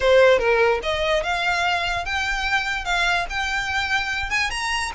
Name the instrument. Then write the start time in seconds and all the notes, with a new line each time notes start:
violin
0.00 C5
0.38 A#4
0.83 D#5
1.23 F5
2.05 G5
2.84 F5
3.29 G5
4.30 G#5
4.50 A#5